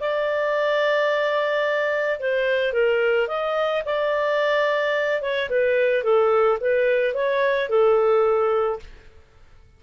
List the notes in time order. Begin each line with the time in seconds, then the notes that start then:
0.00 D5
2.19 C5
2.73 A#4
3.28 D#5
3.85 D5
5.21 C#5
5.49 B4
6.03 A4
6.60 B4
7.14 C#5
7.69 A4